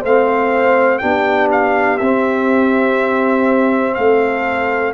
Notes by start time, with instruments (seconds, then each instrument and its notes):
0.00 tuba A3, trombone C4, horn C5, trumpet F5
0.98 tuba B3, trombone D4, horn G4, trumpet G5
1.51 trumpet F5
1.97 tuba C4, trombone C4, trumpet E5
3.94 tuba A3, horn A4, trumpet F5